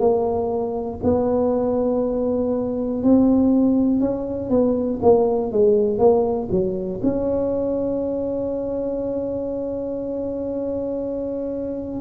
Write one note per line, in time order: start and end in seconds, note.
0.00 1.00 A#3
1.04 3.04 B3
3.04 4.01 C4
4.01 4.50 C#4
4.50 5.00 B3
5.03 5.52 A#3
5.52 5.99 G#3
5.99 6.49 A#3
6.52 7.02 F#3
7.03 12.01 C#4